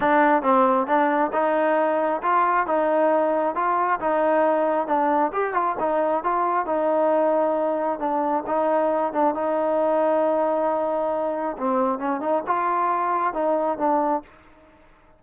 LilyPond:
\new Staff \with { instrumentName = "trombone" } { \time 4/4 \tempo 4 = 135 d'4 c'4 d'4 dis'4~ | dis'4 f'4 dis'2 | f'4 dis'2 d'4 | g'8 f'8 dis'4 f'4 dis'4~ |
dis'2 d'4 dis'4~ | dis'8 d'8 dis'2.~ | dis'2 c'4 cis'8 dis'8 | f'2 dis'4 d'4 | }